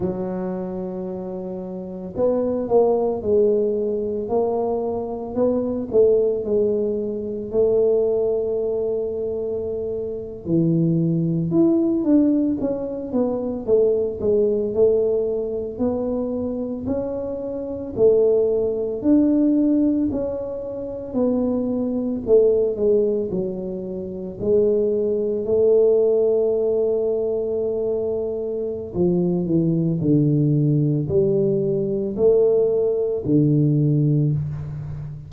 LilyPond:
\new Staff \with { instrumentName = "tuba" } { \time 4/4 \tempo 4 = 56 fis2 b8 ais8 gis4 | ais4 b8 a8 gis4 a4~ | a4.~ a16 e4 e'8 d'8 cis'16~ | cis'16 b8 a8 gis8 a4 b4 cis'16~ |
cis'8. a4 d'4 cis'4 b16~ | b8. a8 gis8 fis4 gis4 a16~ | a2. f8 e8 | d4 g4 a4 d4 | }